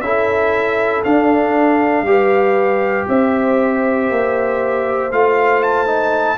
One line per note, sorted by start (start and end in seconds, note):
0.00 1.02 C#4
0.00 1.04 E4
0.00 2.07 A4
0.00 1.02 E5
1.04 2.06 D4
1.04 2.02 D4
1.04 3.07 F5
2.02 3.03 G3
2.02 5.11 G4
2.08 3.08 B4
3.08 4.10 C4
3.08 6.38 C5
3.08 5.12 E5
4.10 5.11 A#3
5.11 6.38 A3
5.11 5.86 F4
5.11 5.62 F5
5.62 6.38 A5
5.86 6.37 D#4